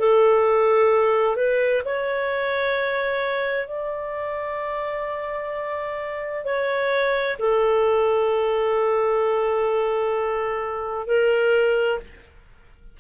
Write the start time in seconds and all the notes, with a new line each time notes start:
0.00 A4
1.36 B4
1.85 C#5
3.68 D5
6.45 C#5
7.39 A4
11.07 A#4